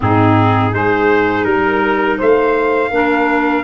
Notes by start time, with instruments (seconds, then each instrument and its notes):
0.00 tuba G#2, clarinet C4, saxophone D#4, trumpet G#4
0.70 tuba G#3, clarinet D#4, saxophone G#4, trumpet C5
1.44 tuba G3, trumpet A#4, saxophone A#4
2.17 tuba A3, saxophone C5, trumpet F5
2.90 tuba A#3, clarinet D4, saxophone A#4